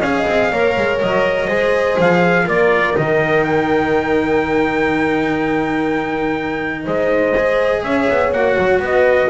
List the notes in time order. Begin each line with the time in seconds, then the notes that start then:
0.00 C#4 G#4 C#5 F5
0.17 D#5
0.27 C4
0.52 A#3 A#4 C#5
0.77 G#3
1.02 F#3 D#5
1.47 G#3 G#4 C5
1.99 F3 F5
2.45 A#3 F4 A#4 D5
2.94 D#3 D#4 D#5
3.44 G5
6.85 G#3 C5 D#5
7.38 G#4
7.83 C#4 C#5 E5
8.09 B3
8.32 A#3 F#4 F#5
8.58 F#3
8.80 B3 B4 D#5